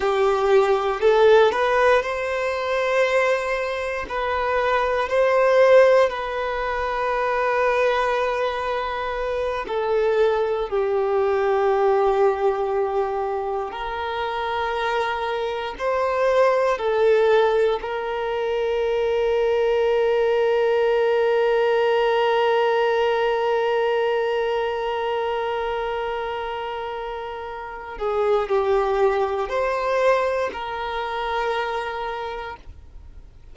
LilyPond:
\new Staff \with { instrumentName = "violin" } { \time 4/4 \tempo 4 = 59 g'4 a'8 b'8 c''2 | b'4 c''4 b'2~ | b'4. a'4 g'4.~ | g'4. ais'2 c''8~ |
c''8 a'4 ais'2~ ais'8~ | ais'1~ | ais'2.~ ais'8 gis'8 | g'4 c''4 ais'2 | }